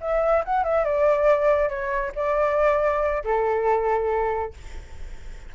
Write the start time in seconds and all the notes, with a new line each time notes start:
0.00 E5
0.44 F#5
0.63 E5
0.84 D5
1.69 C#5
2.15 D5
3.24 A4